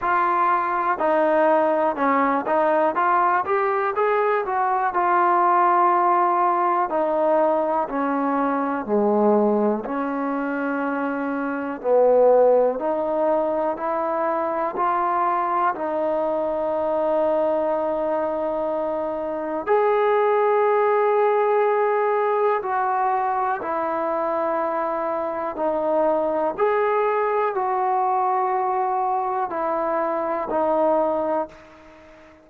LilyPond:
\new Staff \with { instrumentName = "trombone" } { \time 4/4 \tempo 4 = 61 f'4 dis'4 cis'8 dis'8 f'8 g'8 | gis'8 fis'8 f'2 dis'4 | cis'4 gis4 cis'2 | b4 dis'4 e'4 f'4 |
dis'1 | gis'2. fis'4 | e'2 dis'4 gis'4 | fis'2 e'4 dis'4 | }